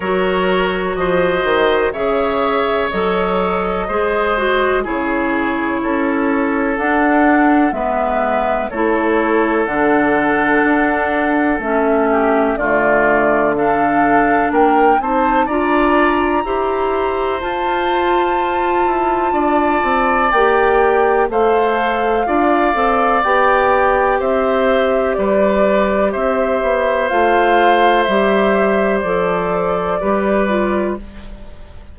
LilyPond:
<<
  \new Staff \with { instrumentName = "flute" } { \time 4/4 \tempo 4 = 62 cis''4 dis''4 e''4 dis''4~ | dis''4 cis''2 fis''4 | e''4 cis''4 fis''2 | e''4 d''4 f''4 g''8 a''8 |
ais''2 a''2~ | a''4 g''4 f''2 | g''4 e''4 d''4 e''4 | f''4 e''4 d''2 | }
  \new Staff \with { instrumentName = "oboe" } { \time 4/4 ais'4 c''4 cis''2 | c''4 gis'4 a'2 | b'4 a'2.~ | a'8 g'8 f'4 a'4 ais'8 c''8 |
d''4 c''2. | d''2 c''4 d''4~ | d''4 c''4 b'4 c''4~ | c''2. b'4 | }
  \new Staff \with { instrumentName = "clarinet" } { \time 4/4 fis'2 gis'4 a'4 | gis'8 fis'8 e'2 d'4 | b4 e'4 d'2 | cis'4 a4 d'4. dis'8 |
f'4 g'4 f'2~ | f'4 g'4 a'4 f'8 a'8 | g'1 | f'4 g'4 a'4 g'8 f'8 | }
  \new Staff \with { instrumentName = "bassoon" } { \time 4/4 fis4 f8 dis8 cis4 fis4 | gis4 cis4 cis'4 d'4 | gis4 a4 d4 d'4 | a4 d2 ais8 c'8 |
d'4 e'4 f'4. e'8 | d'8 c'8 ais4 a4 d'8 c'8 | b4 c'4 g4 c'8 b8 | a4 g4 f4 g4 | }
>>